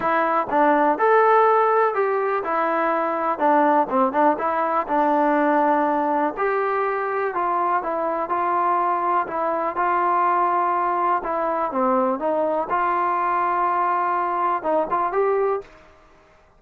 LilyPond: \new Staff \with { instrumentName = "trombone" } { \time 4/4 \tempo 4 = 123 e'4 d'4 a'2 | g'4 e'2 d'4 | c'8 d'8 e'4 d'2~ | d'4 g'2 f'4 |
e'4 f'2 e'4 | f'2. e'4 | c'4 dis'4 f'2~ | f'2 dis'8 f'8 g'4 | }